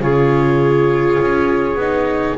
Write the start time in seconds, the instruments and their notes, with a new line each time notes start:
0.00 double bass C#3, viola F4, clarinet G#4, trumpet C#5
1.21 double bass C#4
1.75 double bass B3, viola D#4